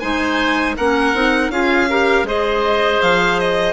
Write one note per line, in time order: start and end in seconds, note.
0.00 0.78 G#3
0.00 0.77 D#4
0.00 0.76 C5
0.00 0.75 G#5
0.77 1.14 A#3
0.77 1.15 C#4
0.77 1.52 A#4
0.77 1.51 F#5
1.14 1.50 C4
1.14 1.51 D#4
1.50 2.24 C#4
1.50 1.89 F4
1.50 1.90 G#4
1.50 2.26 F5
1.90 2.26 G4
1.90 2.27 A#4
2.24 2.99 G#3
2.24 3.74 G#4
2.24 3.74 C5
2.24 3.02 D#5
3.02 3.74 F3
3.02 3.40 F5
3.40 3.74 D#5